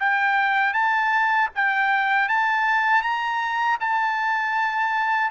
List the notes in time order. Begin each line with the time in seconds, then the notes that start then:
0.00 G5
0.74 A5
1.55 G5
2.29 A5
3.02 A#5
3.80 A5